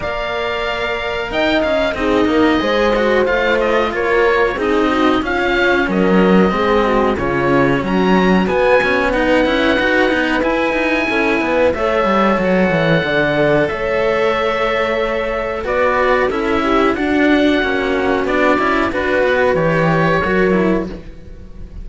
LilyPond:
<<
  \new Staff \with { instrumentName = "oboe" } { \time 4/4 \tempo 4 = 92 f''2 g''8 f''8 dis''4~ | dis''4 f''8 dis''8 cis''4 dis''4 | f''4 dis''2 cis''4 | ais''4 gis''4 fis''2 |
gis''2 e''4 fis''4~ | fis''4 e''2. | d''4 e''4 fis''2 | d''4 b'4 cis''2 | }
  \new Staff \with { instrumentName = "horn" } { \time 4/4 d''2 dis''4 gis'8 ais'8 | c''2 ais'4 gis'8 fis'8 | f'4 ais'4 gis'8 fis'8 f'4 | fis'2 b'2~ |
b'4 a'8 b'8 cis''2 | d''4 cis''2. | b'4 a'8 g'8 fis'2~ | fis'4 b'2 ais'4 | }
  \new Staff \with { instrumentName = "cello" } { \time 4/4 ais'2. dis'4 | gis'8 fis'8 f'2 dis'4 | cis'2 c'4 cis'4~ | cis'4 b8 cis'8 dis'8 e'8 fis'8 dis'8 |
e'2 a'2~ | a'1 | fis'4 e'4 d'4 cis'4 | d'8 e'8 fis'4 g'4 fis'8 e'8 | }
  \new Staff \with { instrumentName = "cello" } { \time 4/4 ais2 dis'8 cis'8 c'8 ais8 | gis4 a4 ais4 c'4 | cis'4 fis4 gis4 cis4 | fis4 b4. cis'8 dis'8 b8 |
e'8 dis'8 cis'8 b8 a8 g8 fis8 e8 | d4 a2. | b4 cis'4 d'4 ais4 | b8 cis'8 d'8 b8 e4 fis4 | }
>>